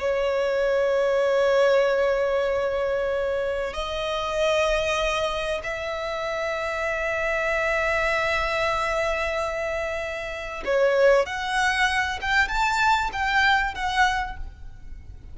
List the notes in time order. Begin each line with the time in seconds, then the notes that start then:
0.00 C#5
3.74 D#5
5.64 E5
10.65 C#5
11.26 F#5
12.22 G5
12.48 A5
13.12 G5
13.75 F#5